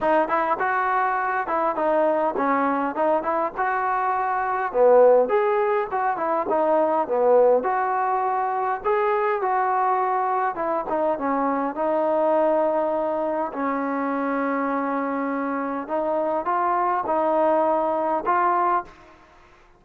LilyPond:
\new Staff \with { instrumentName = "trombone" } { \time 4/4 \tempo 4 = 102 dis'8 e'8 fis'4. e'8 dis'4 | cis'4 dis'8 e'8 fis'2 | b4 gis'4 fis'8 e'8 dis'4 | b4 fis'2 gis'4 |
fis'2 e'8 dis'8 cis'4 | dis'2. cis'4~ | cis'2. dis'4 | f'4 dis'2 f'4 | }